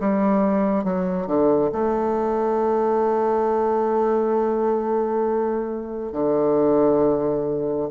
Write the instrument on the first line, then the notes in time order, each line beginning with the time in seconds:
bassoon
0.00 G3
0.84 F#3
1.27 D3
1.72 A3
6.13 D3